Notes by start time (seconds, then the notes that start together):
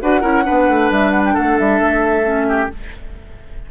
0.00 D4 F#4 B4 F#5
0.20 C#4 E4 A#4
0.43 D4 B4
0.50 B3
0.69 A3
0.90 G3 E5
1.11 F#5
1.25 G5
1.34 A3 A4 F#5
1.58 G3 E5
1.80 A3
2.24 C#4
2.48 G4